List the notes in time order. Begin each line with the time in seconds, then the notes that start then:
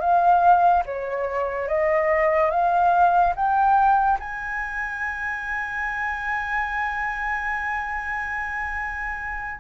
0.00 F5
0.86 C#5
1.68 D#5
2.50 F5
3.36 G5
4.20 G#5